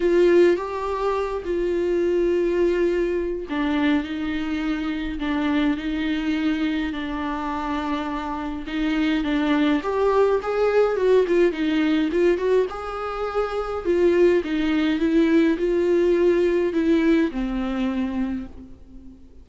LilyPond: \new Staff \with { instrumentName = "viola" } { \time 4/4 \tempo 4 = 104 f'4 g'4. f'4.~ | f'2 d'4 dis'4~ | dis'4 d'4 dis'2 | d'2. dis'4 |
d'4 g'4 gis'4 fis'8 f'8 | dis'4 f'8 fis'8 gis'2 | f'4 dis'4 e'4 f'4~ | f'4 e'4 c'2 | }